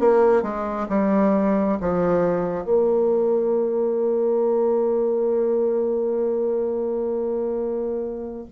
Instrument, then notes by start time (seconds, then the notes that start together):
bassoon
0.00 A#3
0.43 G#3
0.89 G3
1.81 F3
2.65 A#3